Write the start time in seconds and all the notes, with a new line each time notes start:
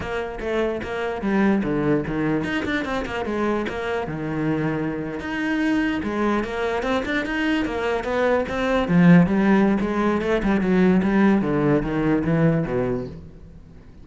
0.00 A#3
0.40 A3
0.83 A#3
1.21 G3
1.63 D3
2.07 D#3
2.43 D#4
2.65 D4
2.84 C4
3.05 A#3
3.25 G#3
3.68 A#3
4.07 D#3
5.19 D#4
6.03 G#3
6.44 A#3
6.83 C4
7.05 D4
7.25 D#4
7.65 A#3
8.04 B3
8.48 C4
8.88 F3
9.26 G3
9.81 G#3
10.21 A3
10.43 G3
10.60 F#3
11.02 G3
11.41 D3
11.82 D#3
12.24 E3
12.66 B2